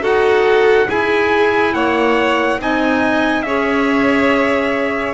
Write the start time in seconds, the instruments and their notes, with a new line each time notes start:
0.00 double bass D#4, clarinet F#4, violin A4, trumpet F#5
0.88 clarinet E4, double bass E4, violin G#4, trumpet G#5
1.74 double bass A#3, violin C#5, trumpet F#5
2.58 double bass C4, clarinet D#4, violin D#5, trumpet G#5
3.42 double bass C#4, clarinet G#4, violin C#5, trumpet E5